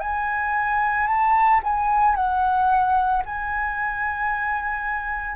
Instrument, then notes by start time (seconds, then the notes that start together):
flute
0.00 G#5
1.07 A5
1.63 G#5
2.15 F#5
3.25 G#5